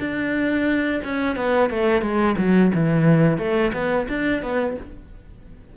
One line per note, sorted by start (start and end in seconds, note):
0.00 1.02 D4
1.04 1.36 C#4
1.36 1.70 B3
1.70 2.02 A3
2.02 2.36 G#3
2.38 2.72 F#3
2.75 3.38 E3
3.38 3.73 A3
3.74 4.08 B3
4.09 4.43 D4
4.43 4.77 B3